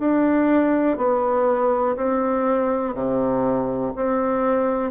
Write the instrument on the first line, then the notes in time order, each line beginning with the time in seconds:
bassoon
0.00 D4
0.97 B3
1.96 C4
2.95 C3
3.96 C4